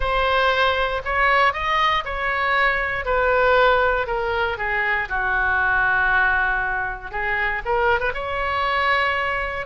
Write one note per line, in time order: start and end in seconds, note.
0.00 1.02 C5
1.04 1.53 C#5
1.53 2.03 D#5
2.05 3.05 C#5
3.05 4.07 B4
4.07 4.57 A#4
4.57 5.08 G#4
5.08 7.11 F#4
7.11 7.62 G#4
7.65 7.99 A#4
7.99 8.12 B4
8.14 9.66 C#5